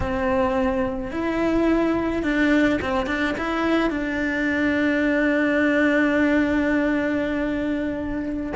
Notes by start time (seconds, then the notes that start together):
0.00 C4
1.11 E4
2.23 D4
2.81 C4
3.06 D4
3.37 E4
3.90 D4